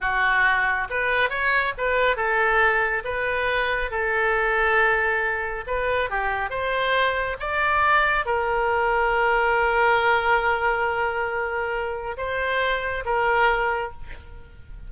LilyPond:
\new Staff \with { instrumentName = "oboe" } { \time 4/4 \tempo 4 = 138 fis'2 b'4 cis''4 | b'4 a'2 b'4~ | b'4 a'2.~ | a'4 b'4 g'4 c''4~ |
c''4 d''2 ais'4~ | ais'1~ | ais'1 | c''2 ais'2 | }